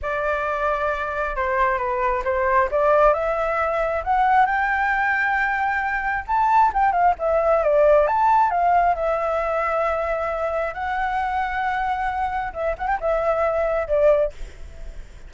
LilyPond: \new Staff \with { instrumentName = "flute" } { \time 4/4 \tempo 4 = 134 d''2. c''4 | b'4 c''4 d''4 e''4~ | e''4 fis''4 g''2~ | g''2 a''4 g''8 f''8 |
e''4 d''4 a''4 f''4 | e''1 | fis''1 | e''8 fis''16 g''16 e''2 d''4 | }